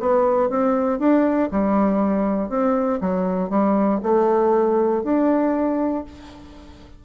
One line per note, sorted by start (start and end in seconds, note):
0.00 0.50 B3
0.50 0.99 C4
0.99 1.50 D4
1.51 2.49 G3
2.49 3.00 C4
3.01 3.50 F#3
3.50 4.00 G3
4.03 5.04 A3
5.04 6.04 D4